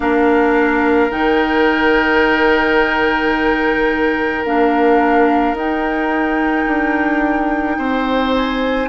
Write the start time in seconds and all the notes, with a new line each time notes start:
0.00 A#3 D4 A#4 F5
1.10 D#3 D#4 G5
4.44 A#3 D4 F5
5.53 D#4 G5
6.66 D4
7.77 C4 C5
8.35 G#5